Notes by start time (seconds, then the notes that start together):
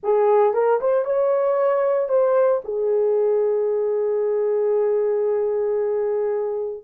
0.03 G#4
0.53 A#4
0.80 C5
1.05 C#5
2.08 C5
2.64 G#4